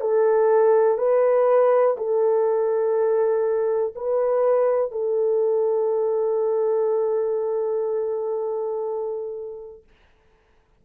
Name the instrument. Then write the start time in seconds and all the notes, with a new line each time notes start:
horn
0.00 A4
0.97 B4
1.97 A4
3.95 B4
4.91 A4